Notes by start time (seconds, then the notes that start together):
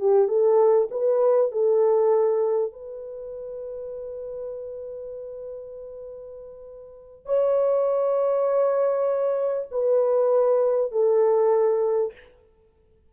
0.00 G4
0.28 A4
0.91 B4
1.52 A4
2.73 B4
7.26 C#5
9.71 B4
10.92 A4